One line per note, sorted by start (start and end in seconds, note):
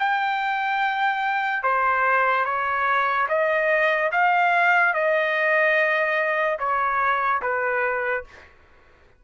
0.00 1.64 G5
1.64 2.45 C5
2.45 3.28 C#5
3.29 4.11 D#5
4.12 4.94 F5
4.94 6.59 D#5
6.59 7.42 C#5
7.42 8.25 B4